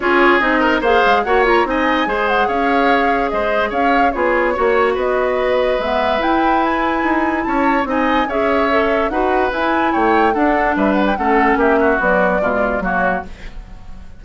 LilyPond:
<<
  \new Staff \with { instrumentName = "flute" } { \time 4/4 \tempo 4 = 145 cis''4 dis''4 f''4 fis''8 ais''8 | gis''4. fis''8 f''2 | dis''4 f''4 cis''2 | dis''2 e''4 g''4 |
gis''2 a''4 gis''4 | e''2 fis''4 gis''4 | g''4 fis''4 e''8 fis''16 g''16 fis''4 | e''4 d''2 cis''4 | }
  \new Staff \with { instrumentName = "oboe" } { \time 4/4 gis'4. ais'8 c''4 cis''4 | dis''4 c''4 cis''2 | c''4 cis''4 gis'4 cis''4 | b'1~ |
b'2 cis''4 dis''4 | cis''2 b'2 | cis''4 a'4 b'4 a'4 | g'8 fis'4. f'4 fis'4 | }
  \new Staff \with { instrumentName = "clarinet" } { \time 4/4 f'4 dis'4 gis'4 fis'8 f'8 | dis'4 gis'2.~ | gis'2 f'4 fis'4~ | fis'2 b4 e'4~ |
e'2. dis'4 | gis'4 a'4 fis'4 e'4~ | e'4 d'2 cis'4~ | cis'4 fis4 gis4 ais4 | }
  \new Staff \with { instrumentName = "bassoon" } { \time 4/4 cis'4 c'4 ais8 gis8 ais4 | c'4 gis4 cis'2 | gis4 cis'4 b4 ais4 | b2 gis4 e'4~ |
e'4 dis'4 cis'4 c'4 | cis'2 dis'4 e'4 | a4 d'4 g4 a4 | ais4 b4 b,4 fis4 | }
>>